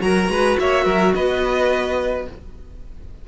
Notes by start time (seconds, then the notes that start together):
0.00 F#3 F#4 A#4 A#5
0.29 G#3 B4
0.59 A#3 C#5 E5
0.85 F#3 A#4
1.15 B3 B4 D#5